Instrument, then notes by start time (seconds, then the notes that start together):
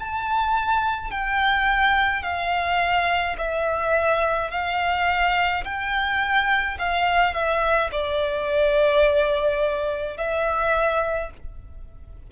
violin
0.00 A5
1.12 G5
2.23 F5
3.39 E5
4.51 F5
5.65 G5
6.79 F5
7.34 E5
7.92 D5
10.18 E5